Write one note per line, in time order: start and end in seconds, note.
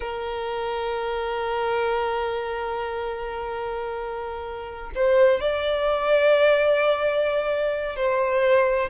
0.00 4.91 A#4
4.95 5.40 C5
5.40 7.96 D5
7.96 8.89 C5